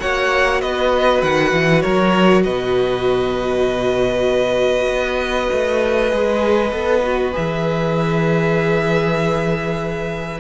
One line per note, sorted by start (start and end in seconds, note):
0.00 0.62 A#3
0.00 6.10 F#4
0.00 0.61 C#5
0.00 0.61 F#5
0.61 1.22 B3
0.61 1.83 B4
0.61 1.22 D#5
1.22 1.52 D#3
1.22 1.81 F#5
1.52 1.83 E3
1.81 2.46 F#3
1.81 2.44 A#4
1.81 2.43 C#5
2.44 4.87 B2
2.44 10.40 B4
2.44 7.33 D#5
4.87 5.48 B3
5.52 6.12 A3
6.10 6.71 G#3
6.10 6.71 G#4
6.71 7.33 B3
6.71 7.02 A4
7.03 7.33 F#4
7.33 10.40 E3
7.33 10.39 G#4
7.33 10.40 E5